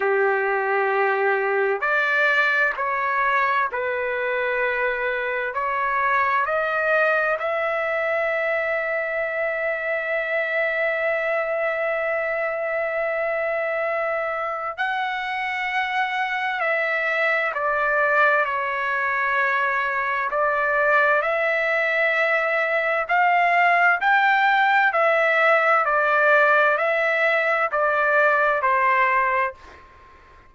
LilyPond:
\new Staff \with { instrumentName = "trumpet" } { \time 4/4 \tempo 4 = 65 g'2 d''4 cis''4 | b'2 cis''4 dis''4 | e''1~ | e''1 |
fis''2 e''4 d''4 | cis''2 d''4 e''4~ | e''4 f''4 g''4 e''4 | d''4 e''4 d''4 c''4 | }